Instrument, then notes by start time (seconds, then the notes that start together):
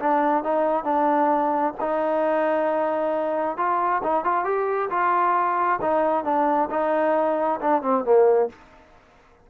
trombone
0.00 D4
0.44 D#4
0.84 D4
1.81 D#4
3.57 F4
4.03 D#4
4.25 F4
4.45 G4
4.90 F4
5.82 D#4
6.25 D4
6.71 D#4
7.61 D4
7.82 C4
8.05 A#3